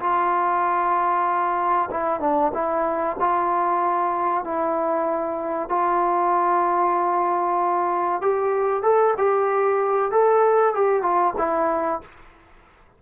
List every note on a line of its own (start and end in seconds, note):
0.00 1.89 F4
1.91 2.20 E4
2.20 2.52 D4
2.54 3.17 E4
3.20 4.44 F4
4.44 5.69 E4
5.69 8.22 F4
8.22 8.83 G4
8.83 9.14 A4
9.18 10.12 G4
10.12 10.74 A4
10.74 11.02 G4
11.02 11.34 F4
11.38 12.01 E4